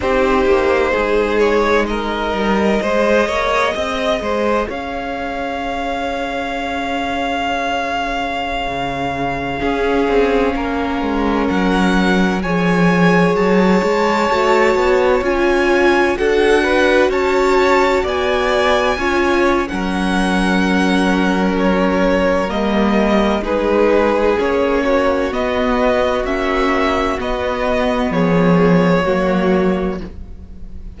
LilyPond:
<<
  \new Staff \with { instrumentName = "violin" } { \time 4/4 \tempo 4 = 64 c''4. cis''8 dis''2~ | dis''4 f''2.~ | f''1~ | f''16 fis''4 gis''4 a''4.~ a''16~ |
a''16 gis''4 fis''4 a''4 gis''8.~ | gis''4 fis''2 cis''4 | dis''4 b'4 cis''4 dis''4 | e''4 dis''4 cis''2 | }
  \new Staff \with { instrumentName = "violin" } { \time 4/4 g'4 gis'4 ais'4 c''8 cis''8 | dis''8 c''8 cis''2.~ | cis''2~ cis''16 gis'4 ais'8.~ | ais'4~ ais'16 cis''2~ cis''8.~ |
cis''4~ cis''16 a'8 b'8 cis''4 d''8.~ | d''16 cis''8. ais'2.~ | ais'4 gis'4. fis'4.~ | fis'2 gis'4 fis'4 | }
  \new Staff \with { instrumentName = "viola" } { \time 4/4 dis'2. gis'4~ | gis'1~ | gis'2~ gis'16 cis'4.~ cis'16~ | cis'4~ cis'16 gis'2 fis'8.~ |
fis'16 f'4 fis'2~ fis'8.~ | fis'16 f'8. cis'2. | ais4 dis'4 cis'4 b4 | cis'4 b2 ais4 | }
  \new Staff \with { instrumentName = "cello" } { \time 4/4 c'8 ais8 gis4. g8 gis8 ais8 | c'8 gis8 cis'2.~ | cis'4~ cis'16 cis4 cis'8 c'8 ais8 gis16~ | gis16 fis4 f4 fis8 gis8 a8 b16~ |
b16 cis'4 d'4 cis'4 b8.~ | b16 cis'8. fis2. | g4 gis4 ais4 b4 | ais4 b4 f4 fis4 | }
>>